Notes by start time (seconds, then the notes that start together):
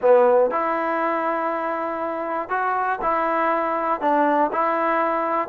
0.01 B3
0.50 E4
2.49 F#4
3.01 E4
4.00 D4
4.52 E4